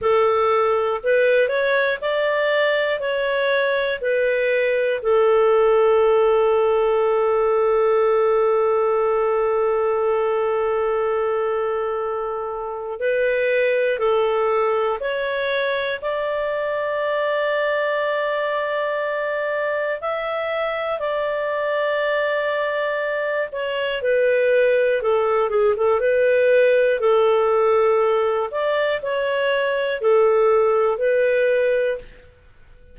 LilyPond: \new Staff \with { instrumentName = "clarinet" } { \time 4/4 \tempo 4 = 60 a'4 b'8 cis''8 d''4 cis''4 | b'4 a'2.~ | a'1~ | a'4 b'4 a'4 cis''4 |
d''1 | e''4 d''2~ d''8 cis''8 | b'4 a'8 gis'16 a'16 b'4 a'4~ | a'8 d''8 cis''4 a'4 b'4 | }